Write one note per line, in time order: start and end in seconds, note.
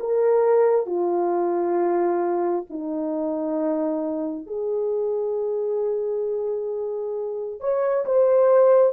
0.00 0.86 A#4
0.86 2.65 F4
2.70 4.47 D#4
4.47 7.60 G#4
7.60 8.05 C#5
8.06 8.93 C5